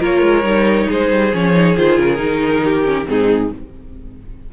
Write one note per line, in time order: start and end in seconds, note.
0.00 0.22 A#3
0.00 0.44 F4
0.00 0.88 A#4
0.00 0.92 C#5
0.22 0.44 G#3
0.44 0.87 G3
0.44 1.31 D#4
0.88 1.12 G#3
0.88 2.64 G#4
0.88 1.35 C5
1.12 1.34 G3
1.33 1.78 F3
1.33 1.54 C#4
1.33 1.77 C#5
1.54 1.76 D#4
1.77 1.99 D#3
1.77 2.17 F4
1.77 1.99 C5
1.99 2.19 C#3
1.99 3.08 A#4
2.17 3.07 D#3
2.17 2.83 D#4
2.64 3.08 G4
2.85 3.06 C#4
3.06 3.53 G#2
3.06 3.50 C4
3.06 3.54 D#4
3.06 3.52 G#4